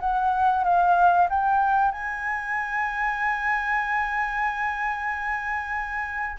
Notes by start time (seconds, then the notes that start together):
0.00 F#5
0.64 F5
1.29 G5
1.92 G#5